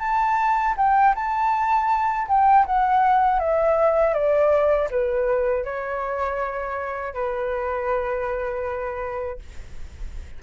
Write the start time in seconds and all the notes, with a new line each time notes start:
0.00 A5
0.77 G5
1.16 A5
2.28 G5
2.66 F#5
3.40 E5
4.14 D5
4.91 B4
5.65 C#5
7.15 B4